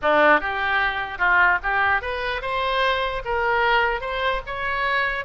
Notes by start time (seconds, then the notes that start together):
0.02 D4
0.40 G4
1.18 F4
1.63 G4
2.01 B4
2.41 C5
3.25 A#4
4.00 C5
4.46 C#5